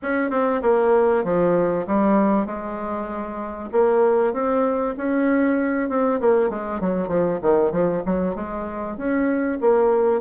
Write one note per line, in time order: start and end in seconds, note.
0.02 0.30 C#4
0.30 0.61 C4
0.62 1.23 A#3
1.24 1.86 F3
1.86 2.45 G3
2.45 3.69 G#3
3.71 4.33 A#3
4.33 4.95 C4
4.97 5.89 C#4
5.89 6.20 C4
6.20 6.49 A#3
6.49 6.80 G#3
6.80 7.08 F#3
7.08 7.39 F3
7.42 7.72 D#3
7.72 8.02 F3
8.05 8.35 F#3
8.35 8.97 G#3
8.97 9.58 C#4
9.60 10.21 A#3